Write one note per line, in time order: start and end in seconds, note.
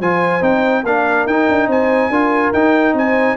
0.00 0.42 F3
0.00 0.41 F4
0.00 0.85 C5
0.00 0.43 G#5
0.41 0.84 C4
0.41 0.84 D#4
0.41 0.85 G5
0.84 1.26 A#3
0.84 1.29 D4
0.84 1.68 A#4
0.84 1.27 F5
1.26 1.47 D#4
1.26 2.13 D#4
1.26 1.70 G5
1.49 1.68 D4
1.68 2.10 C4
1.68 2.11 C5
1.68 2.53 G#5
2.10 2.52 D4
2.10 2.55 F4
2.10 2.95 A#4
2.53 2.94 D#4
2.53 3.37 D#4
2.53 2.96 G5
2.94 3.36 C4
2.94 3.37 C5
2.94 3.37 G#5